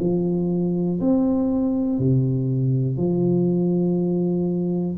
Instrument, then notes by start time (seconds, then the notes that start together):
tuba
0.00 F3
1.00 C4
1.99 C3
2.97 F3